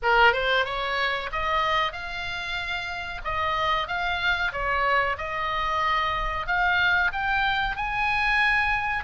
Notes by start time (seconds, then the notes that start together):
0.02 A#4
0.32 C5
0.65 C#5
1.32 D#5
1.92 F5
3.24 D#5
3.87 F5
4.52 C#5
5.17 D#5
6.46 F5
7.12 G5
7.76 G#5